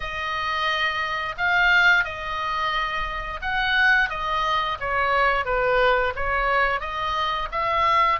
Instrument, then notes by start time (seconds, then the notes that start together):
oboe
0.00 D#5
1.37 F5
2.04 D#5
3.41 F#5
4.09 D#5
4.80 C#5
5.45 B4
6.15 C#5
6.80 D#5
7.51 E5